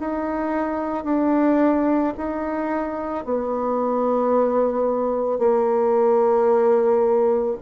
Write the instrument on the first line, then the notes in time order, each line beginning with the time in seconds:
bassoon
0.00 D#4
1.05 D4
2.18 D#4
3.25 B3
5.39 A#3